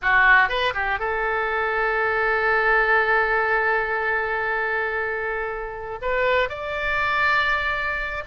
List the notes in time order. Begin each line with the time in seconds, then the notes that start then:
0.02 F#4
0.48 B4
0.74 G4
0.99 A4
6.01 B4
6.49 D5